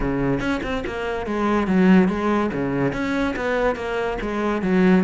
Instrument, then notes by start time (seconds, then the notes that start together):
cello
0.00 C#3
0.39 C#4
0.63 C4
0.86 A#3
1.26 G#3
1.67 F#3
2.08 G#3
2.53 C#3
2.93 C#4
3.36 B3
3.75 A#3
4.21 G#3
4.62 F#3